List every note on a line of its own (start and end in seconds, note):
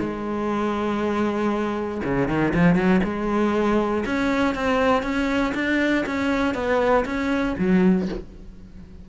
0.00 2.02 G#3
2.04 2.28 C#3
2.28 2.54 D#3
2.54 2.76 F3
2.76 3.01 F#3
3.04 4.05 G#3
4.06 4.55 C#4
4.55 5.03 C4
5.03 5.54 C#4
5.55 6.05 D4
6.07 6.55 C#4
6.55 7.05 B3
7.06 7.56 C#4
7.59 8.09 F#3